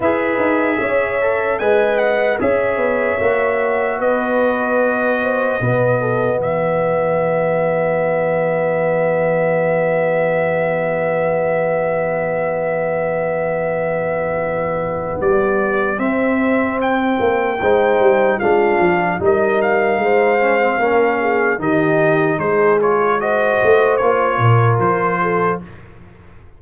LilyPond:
<<
  \new Staff \with { instrumentName = "trumpet" } { \time 4/4 \tempo 4 = 75 e''2 gis''8 fis''8 e''4~ | e''4 dis''2. | e''1~ | e''1~ |
e''2. d''4 | e''4 g''2 f''4 | dis''8 f''2~ f''8 dis''4 | c''8 cis''8 dis''4 cis''4 c''4 | }
  \new Staff \with { instrumentName = "horn" } { \time 4/4 b'4 cis''4 dis''4 cis''4~ | cis''4 b'4. c''8 b'8 a'8 | g'1~ | g'1~ |
g'1~ | g'2 c''4 f'4 | ais'4 c''4 ais'8 gis'8 g'4 | gis'4 c''4. ais'4 a'8 | }
  \new Staff \with { instrumentName = "trombone" } { \time 4/4 gis'4. a'8 b'4 gis'4 | fis'2. b4~ | b1~ | b1~ |
b1 | c'2 dis'4 d'4 | dis'4. cis'16 c'16 cis'4 dis'4~ | dis'8 f'8 fis'4 f'2 | }
  \new Staff \with { instrumentName = "tuba" } { \time 4/4 e'8 dis'8 cis'4 gis4 cis'8 b8 | ais4 b2 b,4 | e1~ | e1~ |
e2. g4 | c'4. ais8 gis8 g8 gis8 f8 | g4 gis4 ais4 dis4 | gis4. a8 ais8 ais,8 f4 | }
>>